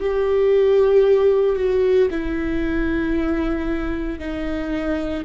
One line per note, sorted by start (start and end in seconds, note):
0.00 1.56 G4
1.56 2.09 F#4
2.11 4.19 E4
4.19 5.24 D#4